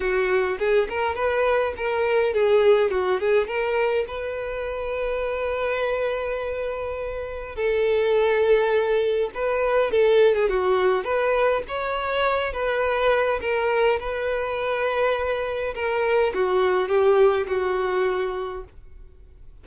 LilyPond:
\new Staff \with { instrumentName = "violin" } { \time 4/4 \tempo 4 = 103 fis'4 gis'8 ais'8 b'4 ais'4 | gis'4 fis'8 gis'8 ais'4 b'4~ | b'1~ | b'4 a'2. |
b'4 a'8. gis'16 fis'4 b'4 | cis''4. b'4. ais'4 | b'2. ais'4 | fis'4 g'4 fis'2 | }